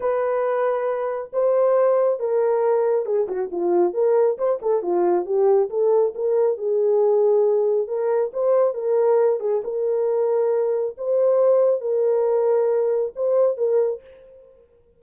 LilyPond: \new Staff \with { instrumentName = "horn" } { \time 4/4 \tempo 4 = 137 b'2. c''4~ | c''4 ais'2 gis'8 fis'8 | f'4 ais'4 c''8 a'8 f'4 | g'4 a'4 ais'4 gis'4~ |
gis'2 ais'4 c''4 | ais'4. gis'8 ais'2~ | ais'4 c''2 ais'4~ | ais'2 c''4 ais'4 | }